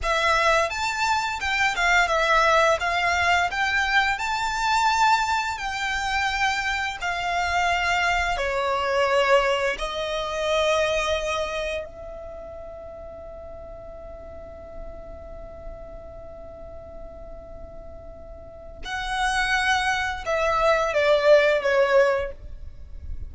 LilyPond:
\new Staff \with { instrumentName = "violin" } { \time 4/4 \tempo 4 = 86 e''4 a''4 g''8 f''8 e''4 | f''4 g''4 a''2 | g''2 f''2 | cis''2 dis''2~ |
dis''4 e''2.~ | e''1~ | e''2. fis''4~ | fis''4 e''4 d''4 cis''4 | }